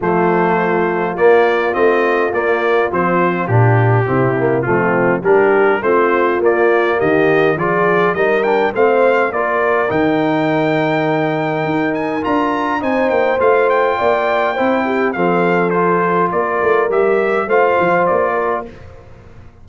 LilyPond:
<<
  \new Staff \with { instrumentName = "trumpet" } { \time 4/4 \tempo 4 = 103 c''2 d''4 dis''4 | d''4 c''4 g'2 | f'4 ais'4 c''4 d''4 | dis''4 d''4 dis''8 g''8 f''4 |
d''4 g''2.~ | g''8 gis''8 ais''4 gis''8 g''8 f''8 g''8~ | g''2 f''4 c''4 | d''4 e''4 f''4 d''4 | }
  \new Staff \with { instrumentName = "horn" } { \time 4/4 f'1~ | f'2. e'4 | c'4 g'4 f'2 | g'4 gis'4 ais'4 c''4 |
ais'1~ | ais'2 c''2 | d''4 c''8 g'8 a'2 | ais'2 c''4. ais'8 | }
  \new Staff \with { instrumentName = "trombone" } { \time 4/4 a2 ais4 c'4 | ais4 c'4 d'4 c'8 ais8 | a4 d'4 c'4 ais4~ | ais4 f'4 dis'8 d'8 c'4 |
f'4 dis'2.~ | dis'4 f'4 dis'4 f'4~ | f'4 e'4 c'4 f'4~ | f'4 g'4 f'2 | }
  \new Staff \with { instrumentName = "tuba" } { \time 4/4 f2 ais4 a4 | ais4 f4 ais,4 c4 | f4 g4 a4 ais4 | dis4 f4 g4 a4 |
ais4 dis2. | dis'4 d'4 c'8 ais8 a4 | ais4 c'4 f2 | ais8 a8 g4 a8 f8 ais4 | }
>>